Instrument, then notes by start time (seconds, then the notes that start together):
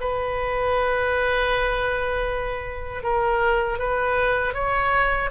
oboe
0.00 B4
3.02 A#4
3.78 B4
4.53 C#5